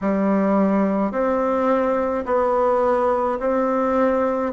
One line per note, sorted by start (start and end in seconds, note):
0.01 1.11 G3
1.11 2.24 C4
2.25 3.39 B3
3.40 4.53 C4